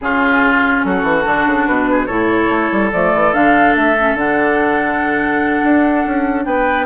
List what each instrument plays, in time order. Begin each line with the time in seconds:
0.00 bassoon C#3, clarinet C#4, oboe F4, flute G#4
0.84 bassoon F#3, oboe F#4, flute A4
1.02 bassoon E3
1.25 bassoon D3, clarinet D4
1.46 bassoon C#3
1.66 bassoon B2, flute B4
1.91 oboe G#4
2.06 bassoon A2, clarinet E4, oboe A4, flute C#5
2.48 bassoon A3
2.71 bassoon G3
2.92 bassoon F3, clarinet A3, flute D5
3.13 bassoon E3
3.33 bassoon D3, clarinet D4, flute F5
3.75 bassoon A3, flute E5
3.98 clarinet C#4
4.14 bassoon D3, clarinet D4, flute F#5
5.63 bassoon D4
6.05 bassoon C#4
6.45 bassoon B3, oboe B4, flute G5